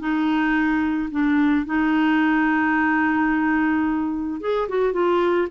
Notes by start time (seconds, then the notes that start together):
0.00 D#4
1.12 D4
1.66 D#4
4.41 G#4
4.69 F#4
4.93 F4